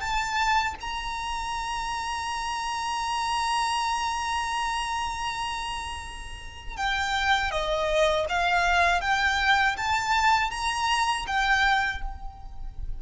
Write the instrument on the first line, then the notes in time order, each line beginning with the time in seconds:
violin
0.00 A5
0.80 A#5
6.77 G5
7.51 D#5
8.29 F5
9.01 G5
9.77 A5
10.51 A#5
11.27 G5